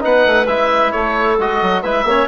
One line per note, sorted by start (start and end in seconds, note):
0.00 0.26 B3
0.00 0.45 D#4
0.00 0.93 B4
0.00 0.46 F#5
0.26 0.47 A3
0.46 0.92 G#3
0.46 1.39 E4
0.46 0.91 E5
0.91 1.38 A3
0.91 1.82 A4
0.91 1.37 C#5
1.38 1.61 G#3
1.38 1.84 F#4
1.38 1.82 D#5
1.62 1.83 F#3
1.82 2.04 G#3
1.82 2.06 E4
1.82 2.05 B4
1.82 2.28 E5
2.04 2.27 A#3
2.04 2.28 C#4
2.04 2.28 C#5